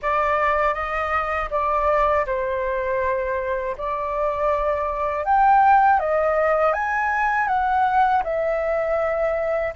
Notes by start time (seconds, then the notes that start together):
0.02 D5
0.74 D#5
1.50 D5
2.25 C5
3.77 D5
5.24 G5
5.99 D#5
6.73 G#5
7.47 F#5
8.23 E5